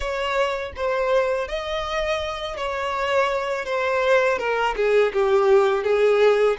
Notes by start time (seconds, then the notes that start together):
0.00 C#5
0.75 C5
1.48 D#5
2.56 C#5
3.65 C5
4.38 A#4
4.76 G#4
5.13 G4
5.83 G#4